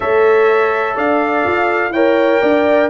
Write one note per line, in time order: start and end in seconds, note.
0.00 0.96 A3
0.00 1.92 A4
0.00 0.95 C#5
0.00 0.97 E5
0.95 1.45 D4
0.95 1.92 D5
0.95 1.92 F5
1.46 1.91 F4
1.91 2.39 E4
1.91 2.89 A#4
1.91 2.41 C#5
1.91 2.89 G5
2.41 2.89 D4
2.41 2.89 D5